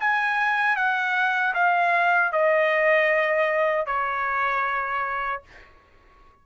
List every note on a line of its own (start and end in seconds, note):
0.00 0.76 G#5
0.76 1.54 F#5
1.54 2.32 F5
2.32 3.86 D#5
3.86 5.42 C#5